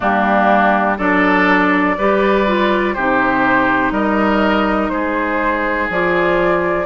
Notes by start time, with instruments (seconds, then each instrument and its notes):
0.00 bassoon G3, clarinet A#3, oboe D4, flute G4
0.97 bassoon F#3, clarinet D4, oboe A4, flute D5
1.98 bassoon G3, clarinet G4, oboe B4
2.46 clarinet F4
2.94 bassoon C3, clarinet D#4, oboe G4, flute C5
3.91 bassoon G3, oboe A#4, flute D#5
4.89 bassoon G#3, oboe G#4, flute C5
5.89 bassoon F3, clarinet F4, flute D5